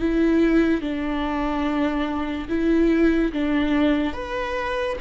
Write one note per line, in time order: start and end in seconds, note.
0.00 0.81 E4
0.81 2.48 D4
2.49 3.33 E4
3.33 4.13 D4
4.13 4.97 B4